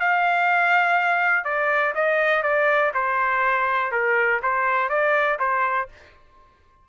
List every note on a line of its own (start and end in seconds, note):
0.00 1.44 F5
1.44 1.94 D5
1.95 2.43 D#5
2.43 2.92 D5
2.94 3.92 C5
3.92 4.41 A#4
4.43 4.89 C5
4.89 5.39 D5
5.39 5.88 C5